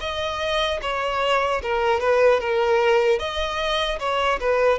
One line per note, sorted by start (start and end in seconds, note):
0.00 0.80 D#5
0.81 1.61 C#5
1.63 2.00 A#4
2.00 2.40 B4
2.40 3.19 A#4
3.19 3.99 D#5
3.99 4.39 C#5
4.40 4.79 B4